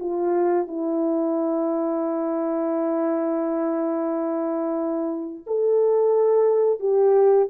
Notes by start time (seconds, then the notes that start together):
0.00 F4
0.68 E4
5.47 A4
6.80 G4